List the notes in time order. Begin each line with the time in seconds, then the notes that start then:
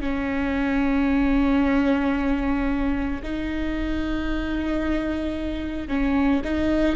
0.00 C#4
3.22 D#4
5.87 C#4
6.44 D#4